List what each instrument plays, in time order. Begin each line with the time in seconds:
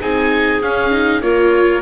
0.00 double bass C4, viola D#4, clarinet G#4, oboe G#5
0.62 double bass C#4, viola C#4, oboe F5
0.91 viola D#4
1.21 double bass A#3, viola F4, clarinet A#4, oboe C#5